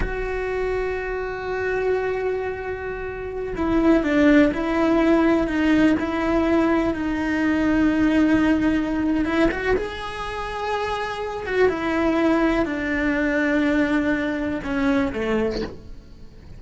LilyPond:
\new Staff \with { instrumentName = "cello" } { \time 4/4 \tempo 4 = 123 fis'1~ | fis'2.~ fis'16 e'8.~ | e'16 d'4 e'2 dis'8.~ | dis'16 e'2 dis'4.~ dis'16~ |
dis'2. e'8 fis'8 | gis'2.~ gis'8 fis'8 | e'2 d'2~ | d'2 cis'4 a4 | }